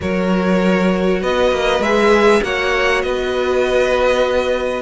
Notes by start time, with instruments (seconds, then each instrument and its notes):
0.00 cello F#3, viola F#4, violin A#4 C#5
1.20 cello B3, violin B4 D#5
1.51 cello A#3
1.79 cello G#3, viola G#4, violin E5
2.42 cello A#3, viola F#4, violin C#5 F#5
3.01 cello B3, violin B4 D#5